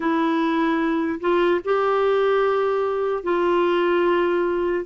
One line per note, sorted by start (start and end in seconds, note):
0.00 1.19 E4
1.20 1.60 F4
1.64 3.22 G4
3.22 4.85 F4